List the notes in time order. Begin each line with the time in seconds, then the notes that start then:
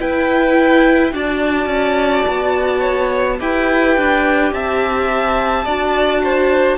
0.00 E4 B4 G5
1.13 D4 F#4 D5 A5
1.67 C#4
2.29 B3
2.81 C#5
3.40 E4 G4 B4 G5
3.98 D4
4.53 C4 E5 A5
5.65 D4 F#4 D5
6.24 C5